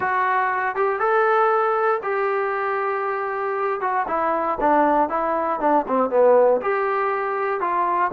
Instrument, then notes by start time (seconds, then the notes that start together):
trombone
0.00 F#4
0.75 G4
0.99 A4
2.02 G4
3.80 F#4
4.07 E4
4.60 D4
5.09 E4
5.60 D4
5.87 C4
6.10 B3
6.61 G4
7.60 F4